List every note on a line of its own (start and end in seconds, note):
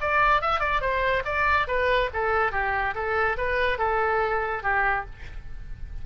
0.00 0.41 D5
0.41 0.60 E5
0.60 0.80 D5
0.80 1.23 C5
1.24 1.67 D5
1.67 2.09 B4
2.13 2.51 A4
2.51 2.94 G4
2.94 3.36 A4
3.37 3.78 B4
3.78 4.62 A4
4.63 5.05 G4